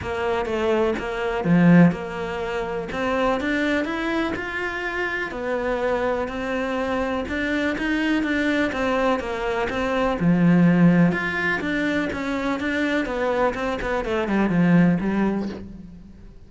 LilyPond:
\new Staff \with { instrumentName = "cello" } { \time 4/4 \tempo 4 = 124 ais4 a4 ais4 f4 | ais2 c'4 d'4 | e'4 f'2 b4~ | b4 c'2 d'4 |
dis'4 d'4 c'4 ais4 | c'4 f2 f'4 | d'4 cis'4 d'4 b4 | c'8 b8 a8 g8 f4 g4 | }